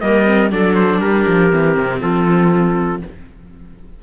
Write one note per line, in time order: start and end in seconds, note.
0.00 0.51 G3
0.00 0.25 A#3
0.00 0.52 A#4
0.00 0.50 D#5
0.25 0.50 C4
0.51 1.01 F#3
0.51 1.50 D4
0.51 1.02 A4
0.51 0.75 D5
0.75 1.00 C5
1.01 1.26 G3
1.01 2.00 G4
1.01 2.01 A#4
1.27 1.52 F3
1.50 1.77 E3
1.50 3.01 C4
1.77 2.01 C3
2.00 3.02 F3
2.00 3.01 F4
2.00 3.02 A4